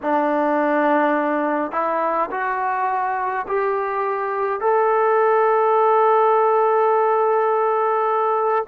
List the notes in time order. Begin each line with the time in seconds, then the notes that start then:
0.02 D4
1.72 E4
2.30 F#4
3.47 G4
4.60 A4